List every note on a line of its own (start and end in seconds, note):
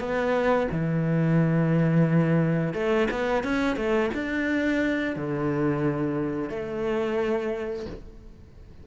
0.00 0.68 B3
0.72 2.74 E3
2.74 3.08 A3
3.11 3.44 B3
3.44 3.77 C#4
3.77 4.11 A3
4.14 5.16 D4
5.16 6.50 D3
6.50 7.87 A3